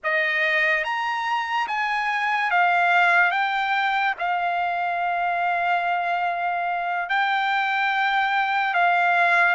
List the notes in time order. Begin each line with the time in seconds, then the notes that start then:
0.03 D#5
0.83 A#5
1.67 G#5
2.50 F5
3.31 G5
4.19 F5
7.09 G5
8.73 F5